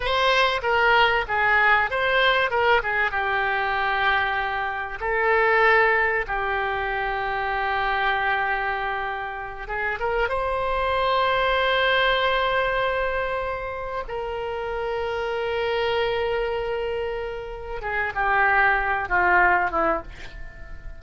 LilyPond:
\new Staff \with { instrumentName = "oboe" } { \time 4/4 \tempo 4 = 96 c''4 ais'4 gis'4 c''4 | ais'8 gis'8 g'2. | a'2 g'2~ | g'2.~ g'8 gis'8 |
ais'8 c''2.~ c''8~ | c''2~ c''8 ais'4.~ | ais'1~ | ais'8 gis'8 g'4. f'4 e'8 | }